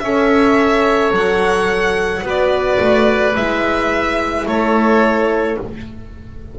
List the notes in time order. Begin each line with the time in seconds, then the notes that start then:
0.00 C#4 A4 C#5 E5
1.11 F#3 F#5
2.23 B3 F#4 B4
2.29 D5
2.80 A3
3.36 G#3 E4 E5
4.47 A3 A4 C#5